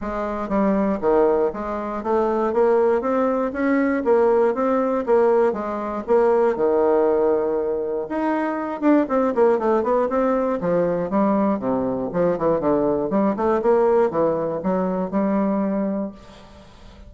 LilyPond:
\new Staff \with { instrumentName = "bassoon" } { \time 4/4 \tempo 4 = 119 gis4 g4 dis4 gis4 | a4 ais4 c'4 cis'4 | ais4 c'4 ais4 gis4 | ais4 dis2. |
dis'4. d'8 c'8 ais8 a8 b8 | c'4 f4 g4 c4 | f8 e8 d4 g8 a8 ais4 | e4 fis4 g2 | }